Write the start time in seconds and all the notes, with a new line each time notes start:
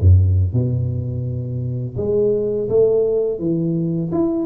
0.00 F#2
0.53 B2
1.97 G#3
2.69 A3
3.39 E3
4.12 E4